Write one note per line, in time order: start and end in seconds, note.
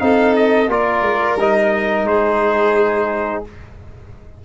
0.00 0.68 C4
0.00 0.68 D#4
0.00 0.71 A4
0.00 0.34 F5
0.36 0.70 D#5
0.68 1.02 A#3
0.68 1.38 F4
0.68 2.09 A#4
0.68 1.39 D5
1.02 1.36 G#3
1.36 2.04 G3
1.36 3.45 D#4
1.36 2.08 D#5
2.04 3.41 G#3
2.04 3.45 G#4
2.04 3.44 C5